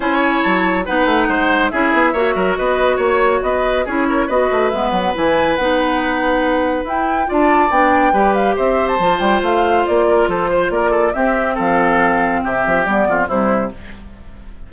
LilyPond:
<<
  \new Staff \with { instrumentName = "flute" } { \time 4/4 \tempo 4 = 140 gis''4 a''4 fis''2 | e''2 dis''4 cis''4 | dis''4 cis''4 dis''4 e''8 fis''8 | gis''4 fis''2. |
g''4 a''4 g''4. f''8 | e''8. a''8. g''8 f''4 d''4 | c''4 d''4 e''4 f''4~ | f''4 e''4 d''4 c''4 | }
  \new Staff \with { instrumentName = "oboe" } { \time 4/4 cis''2 b'4 c''4 | gis'4 cis''8 ais'8 b'4 cis''4 | b'4 gis'8 ais'8 b'2~ | b'1~ |
b'4 d''2 b'4 | c''2.~ c''8 ais'8 | a'8 c''8 ais'8 a'8 g'4 a'4~ | a'4 g'4. f'8 e'4 | }
  \new Staff \with { instrumentName = "clarinet" } { \time 4/4 e'2 dis'2 | e'4 fis'2.~ | fis'4 e'4 fis'4 b4 | e'4 dis'2. |
e'4 f'4 d'4 g'4~ | g'4 f'2.~ | f'2 c'2~ | c'2 b4 g4 | }
  \new Staff \with { instrumentName = "bassoon" } { \time 4/4 cis'4 fis4 b8 a8 gis4 | cis'8 b8 ais8 fis8 b4 ais4 | b4 cis'4 b8 a8 gis8 fis8 | e4 b2. |
e'4 d'4 b4 g4 | c'4 f8 g8 a4 ais4 | f4 ais4 c'4 f4~ | f4 c8 f8 g8 f,8 c4 | }
>>